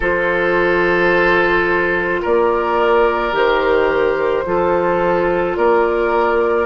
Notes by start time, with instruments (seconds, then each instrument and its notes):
0.00 bassoon F3, clarinet F4, oboe A4, flute C5
2.22 bassoon A#3, oboe A#4, flute D5
3.32 bassoon D#3, clarinet G4, flute C5
4.45 bassoon F3, clarinet F4, oboe A4
5.56 bassoon A#3, oboe A#4, flute D5